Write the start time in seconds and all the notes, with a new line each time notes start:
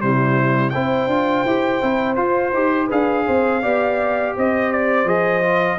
0.00 C3 G3 E4 C5
0.70 C4 E4 C5 G5
1.07 D4 F4
1.45 E4 G4
1.82 C4 E4
2.16 F4 C5
2.53 D#4 G4
2.87 D4 G#4 B4 F5
3.27 C4 C5
3.62 B3 G4 D5
4.36 C4 C5 D#5
4.73 D5
5.05 F3 G#4 D#5
5.43 F4